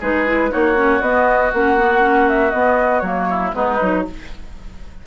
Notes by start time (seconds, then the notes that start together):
0.00 G#3 D#4 G#4 B4
0.27 E4
0.50 A#3 D#4 F#4 C#5
0.76 C#4
1.01 B3 D#5
1.54 A#3 C#4 F#5
1.77 B3
2.00 C#4
2.29 E5
2.51 B3 D#5
3.00 F#3 A#3 C#5
3.30 E4
3.53 G#3 B3 D#4 B4
3.81 F#3 D#4